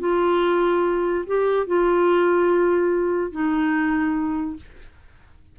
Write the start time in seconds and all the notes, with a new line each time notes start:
0.00 F4
1.27 G4
1.67 F4
3.32 D#4